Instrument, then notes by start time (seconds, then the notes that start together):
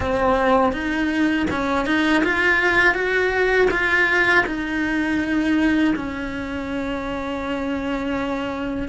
cello
0.00 C4
0.72 D#4
1.50 C#4
1.86 D#4
2.24 F4
2.94 F#4
3.70 F4
4.46 D#4
5.95 C#4